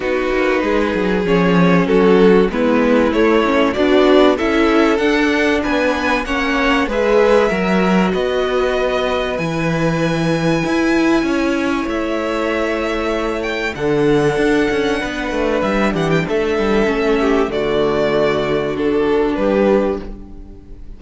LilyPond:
<<
  \new Staff \with { instrumentName = "violin" } { \time 4/4 \tempo 4 = 96 b'2 cis''4 a'4 | b'4 cis''4 d''4 e''4 | fis''4 gis''4 fis''4 e''4~ | e''4 dis''2 gis''4~ |
gis''2. e''4~ | e''4. g''8 fis''2~ | fis''4 e''8 fis''16 g''16 e''2 | d''2 a'4 b'4 | }
  \new Staff \with { instrumentName = "violin" } { \time 4/4 fis'4 gis'2 fis'4 | e'2 d'4 a'4~ | a'4 b'4 cis''4 b'4 | ais'4 b'2.~ |
b'2 cis''2~ | cis''2 a'2 | b'4. g'8 a'4. g'8 | fis'2. g'4 | }
  \new Staff \with { instrumentName = "viola" } { \time 4/4 dis'2 cis'2 | b4 a8 cis'8 fis'4 e'4 | d'2 cis'4 gis'4 | fis'2. e'4~ |
e'1~ | e'2 d'2~ | d'2. cis'4 | a2 d'2 | }
  \new Staff \with { instrumentName = "cello" } { \time 4/4 b8 ais8 gis8 fis8 f4 fis4 | gis4 a4 b4 cis'4 | d'4 b4 ais4 gis4 | fis4 b2 e4~ |
e4 e'4 cis'4 a4~ | a2 d4 d'8 cis'8 | b8 a8 g8 e8 a8 g8 a4 | d2. g4 | }
>>